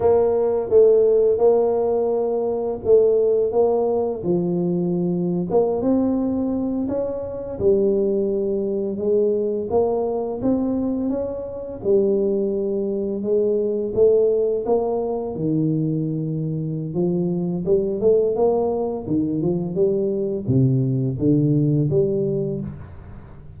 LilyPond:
\new Staff \with { instrumentName = "tuba" } { \time 4/4 \tempo 4 = 85 ais4 a4 ais2 | a4 ais4 f4.~ f16 ais16~ | ais16 c'4. cis'4 g4~ g16~ | g8. gis4 ais4 c'4 cis'16~ |
cis'8. g2 gis4 a16~ | a8. ais4 dis2~ dis16 | f4 g8 a8 ais4 dis8 f8 | g4 c4 d4 g4 | }